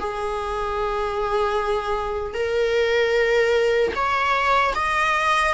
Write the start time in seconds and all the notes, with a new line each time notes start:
0.00 G#4
2.35 A#4
3.95 C#5
4.75 D#5